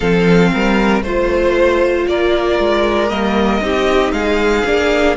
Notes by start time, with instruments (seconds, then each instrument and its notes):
0.00 cello F3, viola C4, violin A4 F5
0.53 cello G3, violin A#4
1.02 cello A3, viola F4, violin C5
2.07 cello A#3, violin A#4 D5
2.58 cello G#3
3.09 cello G3, viola A#3, violin D#5
3.61 cello C4, viola D#4, violin G4
4.12 cello G#3, violin G#4 F5
4.65 cello A#3, viola D4